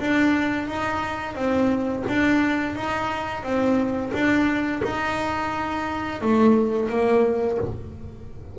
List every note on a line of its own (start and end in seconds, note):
0.00 0.68 D4
0.68 1.35 D#4
1.35 2.04 C4
2.09 2.76 D4
2.76 3.44 D#4
3.44 4.13 C4
4.13 4.82 D4
4.84 6.22 D#4
6.22 6.90 A3
6.90 7.59 A#3